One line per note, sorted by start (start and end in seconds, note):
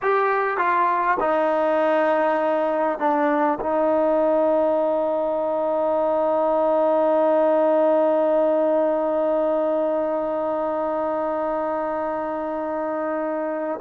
0.02 0.57 G4
0.57 1.17 F4
1.19 2.98 D#4
2.98 3.58 D4
3.60 13.80 D#4